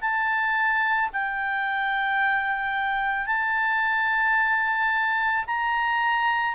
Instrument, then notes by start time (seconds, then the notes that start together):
clarinet
0.00 A5
1.13 G5
3.26 A5
5.46 A#5